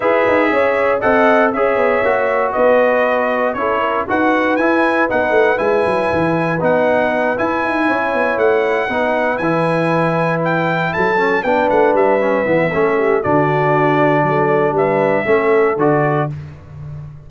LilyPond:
<<
  \new Staff \with { instrumentName = "trumpet" } { \time 4/4 \tempo 4 = 118 e''2 fis''4 e''4~ | e''4 dis''2 cis''4 | fis''4 gis''4 fis''4 gis''4~ | gis''4 fis''4. gis''4.~ |
gis''8 fis''2 gis''4.~ | gis''8 g''4 a''4 g''8 fis''8 e''8~ | e''2 d''2~ | d''4 e''2 d''4 | }
  \new Staff \with { instrumentName = "horn" } { \time 4/4 b'4 cis''4 dis''4 cis''4~ | cis''4 b'2 a'8 ais'8 | b'1~ | b'2.~ b'8 cis''8~ |
cis''4. b'2~ b'8~ | b'4. a'4 b'4.~ | b'4 a'8 g'8 fis'2 | a'4 b'4 a'2 | }
  \new Staff \with { instrumentName = "trombone" } { \time 4/4 gis'2 a'4 gis'4 | fis'2. e'4 | fis'4 e'4 dis'4 e'4~ | e'4 dis'4. e'4.~ |
e'4. dis'4 e'4.~ | e'2 cis'8 d'4. | cis'8 b8 cis'4 d'2~ | d'2 cis'4 fis'4 | }
  \new Staff \with { instrumentName = "tuba" } { \time 4/4 e'8 dis'8 cis'4 c'4 cis'8 b8 | ais4 b2 cis'4 | dis'4 e'4 b8 a8 gis8 fis8 | e4 b4. e'8 dis'8 cis'8 |
b8 a4 b4 e4.~ | e4. fis4 b8 a8 g8~ | g8 e8 a4 d2 | fis4 g4 a4 d4 | }
>>